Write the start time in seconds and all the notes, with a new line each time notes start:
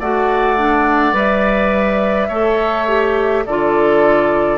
0.00 A3 F#4 D5 F#5
0.57 D4
1.13 G3 B4 E5
2.28 A3 A4 C#5
2.88 G4
3.46 D3 F4 A4 D5